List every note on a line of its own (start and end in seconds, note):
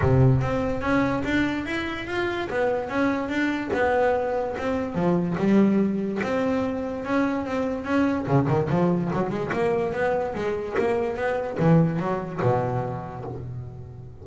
0.01 0.41 C3
0.41 0.81 C4
0.81 1.22 C#4
1.24 1.65 D4
1.65 2.07 E4
2.07 2.48 F4
2.49 2.89 B3
2.89 3.28 C#4
3.28 3.70 D4
3.73 4.56 B3
4.57 4.94 C4
4.94 5.36 F3
5.38 6.21 G3
6.23 7.04 C4
7.04 7.45 C#4
7.45 7.84 C4
7.84 8.26 C#4
8.27 8.47 C#3
8.48 8.68 D#3
8.69 9.11 F3
9.13 9.29 F#3
9.29 9.50 G#3
9.52 9.93 A#3
9.93 10.34 B3
10.34 10.76 G#3
10.78 11.16 A#3
11.16 11.57 B3
11.59 11.99 E3
11.99 12.40 F#3
12.42 13.24 B2